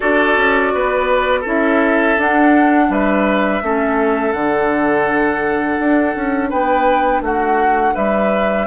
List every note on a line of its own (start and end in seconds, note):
0.00 0.36 D4
0.00 1.45 F#4
0.00 0.72 A4
0.00 1.43 D5
0.36 0.72 C#4
0.74 1.45 B3
0.74 1.40 B4
1.40 2.17 C#4
1.40 2.17 E4
1.40 2.85 A4
1.48 2.20 E5
2.17 2.89 D4
2.17 3.62 D4
2.17 2.92 F#5
2.89 3.61 G3
2.89 3.63 B4
2.89 4.32 E5
3.62 4.33 A3
3.62 4.34 C#4
3.62 6.49 A4
4.32 5.78 D3
4.32 8.66 D4
4.32 6.49 F#5
5.79 6.15 D4
6.15 6.52 C#4
6.49 7.21 B3
6.49 7.21 B4
6.49 7.22 G5
7.21 7.93 A3
7.21 7.94 F#4
7.21 7.96 F#5
7.94 8.66 G3
7.94 8.66 B4
7.94 8.66 E5